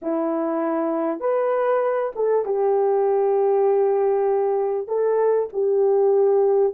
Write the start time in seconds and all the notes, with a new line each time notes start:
0.02 E4
1.20 B4
2.15 A4
2.45 G4
4.87 A4
5.52 G4